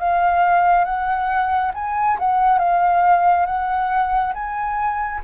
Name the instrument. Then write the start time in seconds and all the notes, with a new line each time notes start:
flute
0.00 F5
0.85 F#5
1.75 G#5
2.19 F#5
2.59 F5
3.46 F#5
4.34 G#5